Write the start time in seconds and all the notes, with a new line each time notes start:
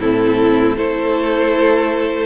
0.00 A2 C4 E4 A4
0.76 A3 E4 A4 C5